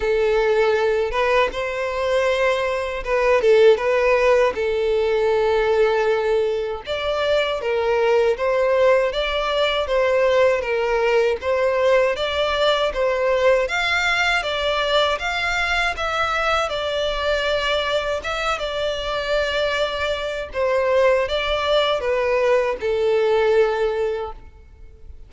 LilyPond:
\new Staff \with { instrumentName = "violin" } { \time 4/4 \tempo 4 = 79 a'4. b'8 c''2 | b'8 a'8 b'4 a'2~ | a'4 d''4 ais'4 c''4 | d''4 c''4 ais'4 c''4 |
d''4 c''4 f''4 d''4 | f''4 e''4 d''2 | e''8 d''2~ d''8 c''4 | d''4 b'4 a'2 | }